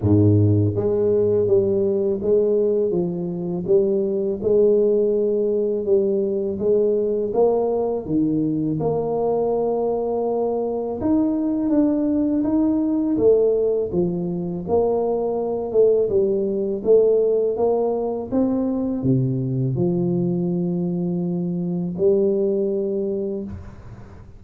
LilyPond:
\new Staff \with { instrumentName = "tuba" } { \time 4/4 \tempo 4 = 82 gis,4 gis4 g4 gis4 | f4 g4 gis2 | g4 gis4 ais4 dis4 | ais2. dis'4 |
d'4 dis'4 a4 f4 | ais4. a8 g4 a4 | ais4 c'4 c4 f4~ | f2 g2 | }